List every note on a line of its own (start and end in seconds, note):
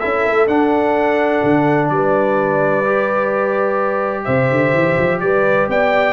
0.00 0.26 C#4
0.00 0.49 E4
0.00 1.90 A4
0.00 0.47 E5
0.26 0.48 A3
0.48 1.42 D4
0.48 2.85 D4
0.48 1.90 F#5
1.44 1.90 D3
1.90 4.26 G3
1.90 4.25 B4
1.90 4.25 D5
2.86 6.14 G4
4.25 4.51 C3
4.25 5.20 C5
4.25 5.19 E5
4.51 4.74 D3
4.74 4.98 E3
4.98 5.21 F3
5.21 5.68 G3
5.21 5.70 B4
5.21 5.68 D5
5.69 6.14 B3
5.69 6.14 D5
5.69 6.14 G5